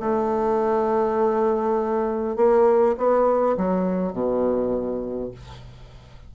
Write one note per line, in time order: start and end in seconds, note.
0.00 2.37 A3
2.37 2.96 A#3
2.98 3.57 B3
3.57 4.13 F#3
4.13 5.32 B2